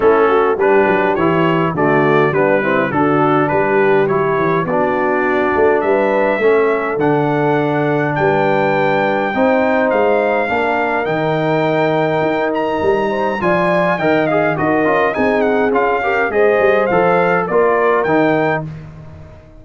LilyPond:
<<
  \new Staff \with { instrumentName = "trumpet" } { \time 4/4 \tempo 4 = 103 a'4 b'4 cis''4 d''4 | b'4 a'4 b'4 cis''4 | d''2 e''2 | fis''2 g''2~ |
g''4 f''2 g''4~ | g''4. ais''4. gis''4 | g''8 f''8 dis''4 gis''8 fis''8 f''4 | dis''4 f''4 d''4 g''4 | }
  \new Staff \with { instrumentName = "horn" } { \time 4/4 e'8 fis'8 g'2 fis'4 | d'8 e'8 fis'4 g'2 | fis'2 b'4 a'4~ | a'2 b'2 |
c''2 ais'2~ | ais'2~ ais'8 c''8 d''4 | dis''4 ais'4 gis'4. ais'8 | c''2 ais'2 | }
  \new Staff \with { instrumentName = "trombone" } { \time 4/4 cis'4 d'4 e'4 a4 | b8 c'8 d'2 e'4 | d'2. cis'4 | d'1 |
dis'2 d'4 dis'4~ | dis'2. f'4 | ais'8 gis'8 fis'8 f'8 dis'4 f'8 g'8 | gis'4 a'4 f'4 dis'4 | }
  \new Staff \with { instrumentName = "tuba" } { \time 4/4 a4 g8 fis8 e4 d4 | g4 d4 g4 fis8 e8 | b4. a8 g4 a4 | d2 g2 |
c'4 gis4 ais4 dis4~ | dis4 dis'4 g4 f4 | dis4 dis'8 cis'8 c'4 cis'4 | gis8 g8 f4 ais4 dis4 | }
>>